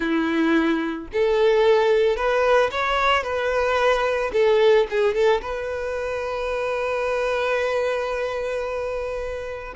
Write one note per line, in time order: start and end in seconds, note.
0.00 1.07 E4
1.13 2.16 A4
2.16 2.70 B4
2.71 3.23 C#5
3.23 4.31 B4
4.32 4.86 A4
4.90 5.14 G#4
5.14 5.41 A4
5.41 9.74 B4